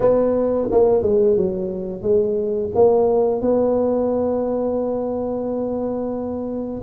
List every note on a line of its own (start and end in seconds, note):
0.00 0.68 B3
0.71 1.02 A#3
1.02 1.36 G#3
1.36 2.01 F#3
2.01 2.70 G#3
2.74 3.41 A#3
3.41 6.82 B3